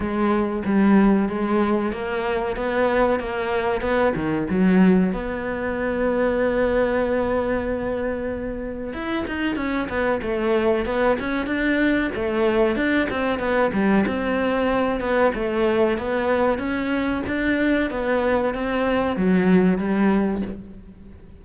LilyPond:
\new Staff \with { instrumentName = "cello" } { \time 4/4 \tempo 4 = 94 gis4 g4 gis4 ais4 | b4 ais4 b8 dis8 fis4 | b1~ | b2 e'8 dis'8 cis'8 b8 |
a4 b8 cis'8 d'4 a4 | d'8 c'8 b8 g8 c'4. b8 | a4 b4 cis'4 d'4 | b4 c'4 fis4 g4 | }